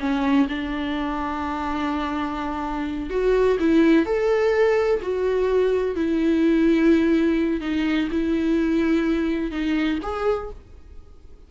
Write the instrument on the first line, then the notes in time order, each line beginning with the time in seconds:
viola
0.00 C#4
0.49 D4
3.10 F#4
3.60 E4
4.06 A4
5.02 F#4
5.96 E4
7.61 D#4
8.11 E4
9.52 D#4
10.03 G#4